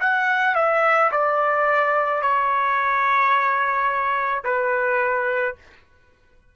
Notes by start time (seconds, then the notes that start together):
0.00 F#5
0.55 E5
1.11 D5
2.22 C#5
4.44 B4